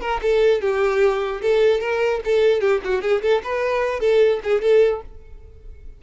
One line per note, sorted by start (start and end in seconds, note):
0.00 0.20 A#4
0.21 0.61 A4
0.61 1.41 G4
1.41 1.80 A4
1.80 2.20 A#4
2.24 2.61 A4
2.61 2.81 G4
2.84 3.01 F#4
3.01 3.21 G#4
3.22 3.42 A4
3.43 4.00 B4
4.00 4.40 A4
4.43 4.61 G#4
4.61 5.01 A4